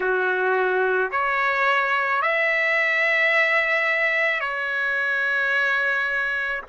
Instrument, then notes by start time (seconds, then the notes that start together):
trumpet
0.00 F#4
1.11 C#5
2.22 E5
4.40 C#5